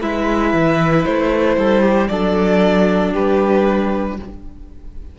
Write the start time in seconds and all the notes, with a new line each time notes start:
0.00 G#3 E4 B4 E5
0.53 E3
1.05 A3 C5
1.57 G3 A4
1.82 G4
2.07 F#3 D4 A4 D5
3.12 G3 G4 B4